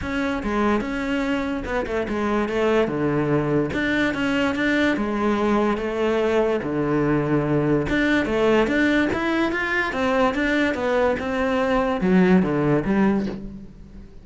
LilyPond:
\new Staff \with { instrumentName = "cello" } { \time 4/4 \tempo 4 = 145 cis'4 gis4 cis'2 | b8 a8 gis4 a4 d4~ | d4 d'4 cis'4 d'4 | gis2 a2 |
d2. d'4 | a4 d'4 e'4 f'4 | c'4 d'4 b4 c'4~ | c'4 fis4 d4 g4 | }